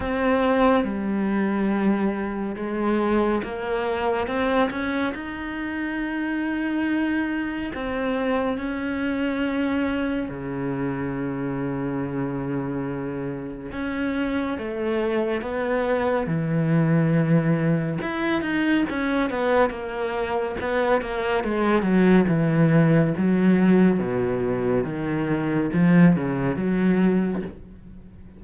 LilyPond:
\new Staff \with { instrumentName = "cello" } { \time 4/4 \tempo 4 = 70 c'4 g2 gis4 | ais4 c'8 cis'8 dis'2~ | dis'4 c'4 cis'2 | cis1 |
cis'4 a4 b4 e4~ | e4 e'8 dis'8 cis'8 b8 ais4 | b8 ais8 gis8 fis8 e4 fis4 | b,4 dis4 f8 cis8 fis4 | }